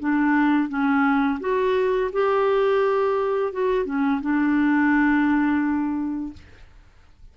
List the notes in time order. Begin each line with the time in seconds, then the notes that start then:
0.00 D4
0.69 C#4
1.40 F#4
2.12 G4
3.53 F#4
3.85 C#4
4.21 D4